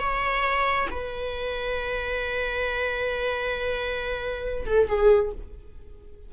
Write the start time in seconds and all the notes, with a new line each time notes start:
0.00 C#5
0.91 B4
4.66 A4
4.88 G#4